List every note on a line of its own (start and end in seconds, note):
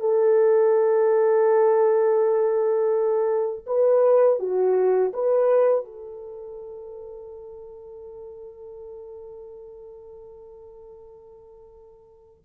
0.00 3.66 A4
3.67 4.39 B4
4.39 5.13 F#4
5.13 5.85 B4
5.85 12.43 A4